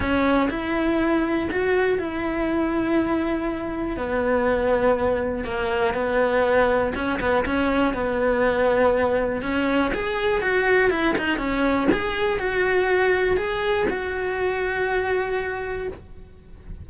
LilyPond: \new Staff \with { instrumentName = "cello" } { \time 4/4 \tempo 4 = 121 cis'4 e'2 fis'4 | e'1 | b2. ais4 | b2 cis'8 b8 cis'4 |
b2. cis'4 | gis'4 fis'4 e'8 dis'8 cis'4 | gis'4 fis'2 gis'4 | fis'1 | }